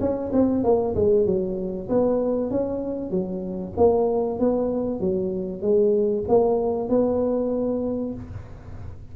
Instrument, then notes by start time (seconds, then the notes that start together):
tuba
0.00 C#4
0.32 C4
0.63 A#3
0.95 G#3
1.26 F#3
1.89 B3
2.50 C#4
3.10 F#3
3.77 A#3
4.39 B3
5.00 F#3
5.62 G#3
6.28 A#3
6.89 B3